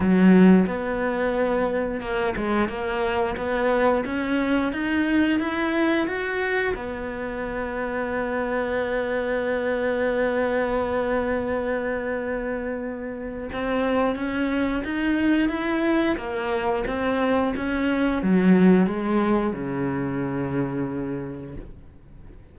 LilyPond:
\new Staff \with { instrumentName = "cello" } { \time 4/4 \tempo 4 = 89 fis4 b2 ais8 gis8 | ais4 b4 cis'4 dis'4 | e'4 fis'4 b2~ | b1~ |
b1 | c'4 cis'4 dis'4 e'4 | ais4 c'4 cis'4 fis4 | gis4 cis2. | }